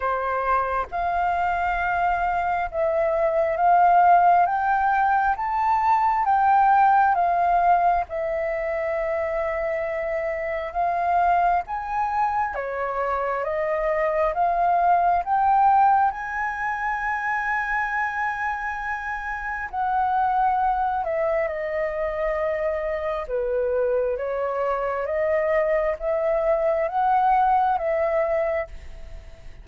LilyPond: \new Staff \with { instrumentName = "flute" } { \time 4/4 \tempo 4 = 67 c''4 f''2 e''4 | f''4 g''4 a''4 g''4 | f''4 e''2. | f''4 gis''4 cis''4 dis''4 |
f''4 g''4 gis''2~ | gis''2 fis''4. e''8 | dis''2 b'4 cis''4 | dis''4 e''4 fis''4 e''4 | }